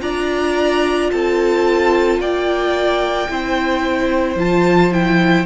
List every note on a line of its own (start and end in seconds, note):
0.00 1.10 D4
0.00 3.27 F4
0.00 1.10 D5
0.00 1.10 A#5
1.10 2.19 C4
1.10 2.20 A4
1.10 2.20 A5
2.19 3.28 A#3
2.19 3.29 D5
2.19 4.39 G5
3.29 4.35 C4
3.29 4.37 E4
3.29 5.45 C5
4.35 5.45 F3
4.35 4.92 F4
4.35 4.93 A5
4.92 5.45 E4
4.92 5.45 G5